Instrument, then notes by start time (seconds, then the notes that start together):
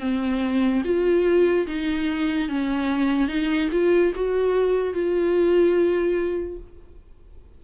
viola
0.00 C4
0.84 F4
1.67 D#4
2.49 C#4
3.28 D#4
3.72 F4
4.15 F#4
4.94 F4